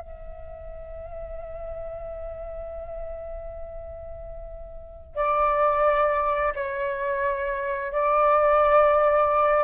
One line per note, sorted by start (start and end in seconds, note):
0.00 5.15 E5
5.15 6.53 D5
6.55 7.92 C#5
7.92 9.64 D5